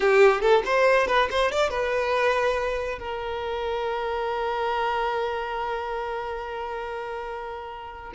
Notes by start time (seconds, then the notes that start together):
0.00 G4
0.41 A4
0.65 C5
1.07 B4
1.31 C5
1.51 D5
1.70 B4
2.98 A#4